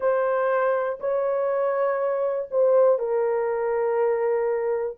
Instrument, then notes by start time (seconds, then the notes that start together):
horn
0.00 C5
1.00 C#5
2.50 C5
2.98 A#4